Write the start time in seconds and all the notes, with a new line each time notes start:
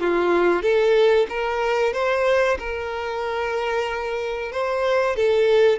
0.00 F4
0.62 A4
1.29 A#4
1.93 C5
2.59 A#4
4.52 C5
5.16 A4